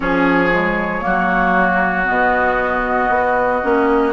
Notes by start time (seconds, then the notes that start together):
0.00 F3 C#4 G#4 C#5
0.52 G#3
1.01 F#3 A#3 F#4
2.04 B2 B3 D#5
3.09 B3
3.62 A#3 C#4